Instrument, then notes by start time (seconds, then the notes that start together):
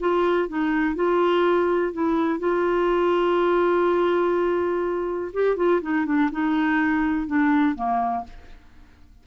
clarinet
0.00 F4
0.48 D#4
0.95 F4
1.92 E4
2.39 F4
5.33 G4
5.56 F4
5.82 D#4
6.05 D4
6.32 D#4
7.27 D4
7.75 A#3